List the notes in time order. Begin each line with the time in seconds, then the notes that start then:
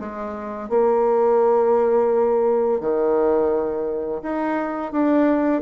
0.00 G#3
0.69 A#3
2.80 D#3
4.23 D#4
4.92 D4